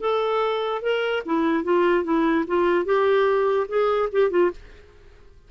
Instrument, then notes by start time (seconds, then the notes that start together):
clarinet
0.00 A4
0.82 A#4
1.25 E4
1.63 F4
2.03 E4
2.47 F4
2.85 G4
3.68 G#4
4.11 G4
4.30 F4